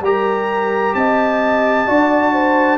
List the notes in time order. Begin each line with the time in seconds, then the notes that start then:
0.00 G3 G4 A#4 A#5
0.94 C4 D#5 A5
1.86 D4 F#4 D5
2.32 C5